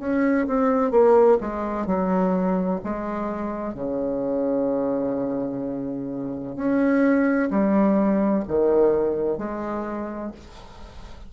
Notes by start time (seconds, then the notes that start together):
0.00 C#4
0.47 C4
0.91 A#3
1.41 G#3
1.87 F#3
2.84 G#3
3.75 C#3
6.56 C#4
7.50 G3
8.48 D#3
9.38 G#3